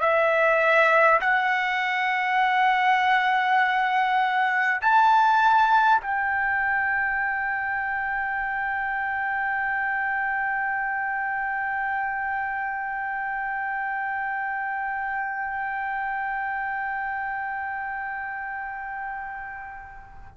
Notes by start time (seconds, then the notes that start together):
0.00 E5
1.21 F#5
4.81 A5
6.01 G5